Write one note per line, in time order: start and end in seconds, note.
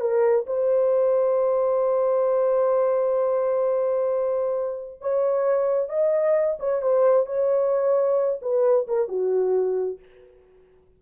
0.00 0.45 A#4
0.46 5.01 C5
5.01 5.89 C#5
5.89 6.57 D#5
6.59 6.81 C#5
6.81 7.26 C5
7.26 8.39 C#5
8.41 8.87 B4
8.87 9.08 A#4
9.08 9.99 F#4